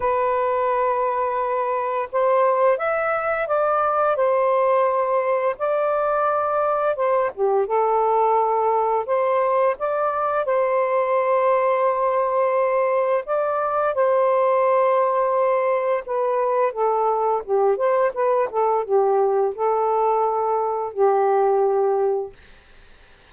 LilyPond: \new Staff \with { instrumentName = "saxophone" } { \time 4/4 \tempo 4 = 86 b'2. c''4 | e''4 d''4 c''2 | d''2 c''8 g'8 a'4~ | a'4 c''4 d''4 c''4~ |
c''2. d''4 | c''2. b'4 | a'4 g'8 c''8 b'8 a'8 g'4 | a'2 g'2 | }